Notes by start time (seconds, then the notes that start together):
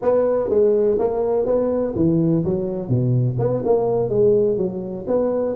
0.02 B3
0.49 G#3
0.98 A#3
1.45 B3
1.95 E3
2.44 F#3
2.88 B2
3.38 B3
3.65 A#3
4.09 G#3
4.57 F#3
5.07 B3